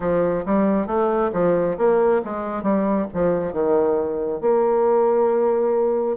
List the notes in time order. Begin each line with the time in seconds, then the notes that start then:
0.00 F3
0.45 G3
0.86 A3
1.32 F3
1.77 A#3
2.24 G#3
2.62 G3
3.13 F3
3.53 D#3
4.40 A#3